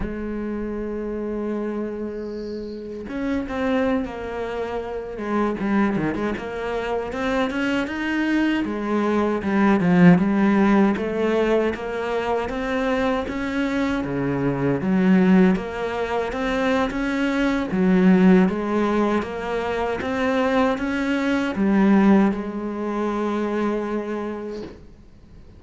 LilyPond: \new Staff \with { instrumentName = "cello" } { \time 4/4 \tempo 4 = 78 gis1 | cis'8 c'8. ais4. gis8 g8 dis16 | gis16 ais4 c'8 cis'8 dis'4 gis8.~ | gis16 g8 f8 g4 a4 ais8.~ |
ais16 c'4 cis'4 cis4 fis8.~ | fis16 ais4 c'8. cis'4 fis4 | gis4 ais4 c'4 cis'4 | g4 gis2. | }